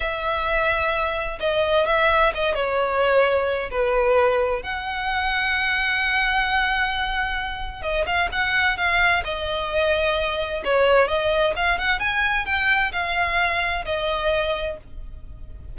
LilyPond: \new Staff \with { instrumentName = "violin" } { \time 4/4 \tempo 4 = 130 e''2. dis''4 | e''4 dis''8 cis''2~ cis''8 | b'2 fis''2~ | fis''1~ |
fis''4 dis''8 f''8 fis''4 f''4 | dis''2. cis''4 | dis''4 f''8 fis''8 gis''4 g''4 | f''2 dis''2 | }